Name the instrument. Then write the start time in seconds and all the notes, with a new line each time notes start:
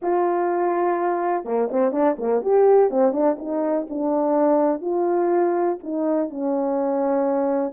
horn
0.02 F4
1.44 A#3
1.71 C4
1.92 D4
2.18 A#3
2.42 G4
2.90 C4
3.12 D4
3.38 D#4
3.89 D4
4.81 F4
5.83 D#4
6.30 C#4